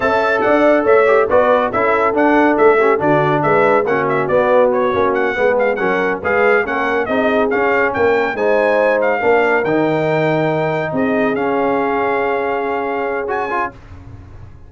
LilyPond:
<<
  \new Staff \with { instrumentName = "trumpet" } { \time 4/4 \tempo 4 = 140 a''4 fis''4 e''4 d''4 | e''4 fis''4 e''4 d''4 | e''4 fis''8 e''8 d''4 cis''4 | fis''4 f''8 fis''4 f''4 fis''8~ |
fis''8 dis''4 f''4 g''4 gis''8~ | gis''4 f''4. g''4.~ | g''4. dis''4 f''4.~ | f''2. gis''4 | }
  \new Staff \with { instrumentName = "horn" } { \time 4/4 e''4 d''4 cis''4 b'4 | a'2~ a'8 g'8 fis'4 | b'4 fis'2.~ | fis'8 gis'4 ais'4 b'4 ais'8~ |
ais'8 gis'2 ais'4 c''8~ | c''4. ais'2~ ais'8~ | ais'4. gis'2~ gis'8~ | gis'1 | }
  \new Staff \with { instrumentName = "trombone" } { \time 4/4 a'2~ a'8 g'8 fis'4 | e'4 d'4. cis'8 d'4~ | d'4 cis'4 b4. cis'8~ | cis'8 b4 cis'4 gis'4 cis'8~ |
cis'8 dis'4 cis'2 dis'8~ | dis'4. d'4 dis'4.~ | dis'2~ dis'8 cis'4.~ | cis'2. fis'8 f'8 | }
  \new Staff \with { instrumentName = "tuba" } { \time 4/4 cis'4 d'4 a4 b4 | cis'4 d'4 a4 d4 | gis4 ais4 b4. ais8~ | ais8 gis4 fis4 gis4 ais8~ |
ais8 c'4 cis'4 ais4 gis8~ | gis4. ais4 dis4.~ | dis4. c'4 cis'4.~ | cis'1 | }
>>